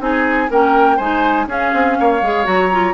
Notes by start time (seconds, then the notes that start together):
0.00 C4 D#4 G#4 G#5
0.50 A#3 C#4 A#4 G5
0.97 G#3 D#4 C5 G#5
1.47 C#4 G#4 F5
1.74 C4
2.00 A#3 C#5
2.22 G#3 G#4
2.44 F#3 F#4 A#5
2.72 F4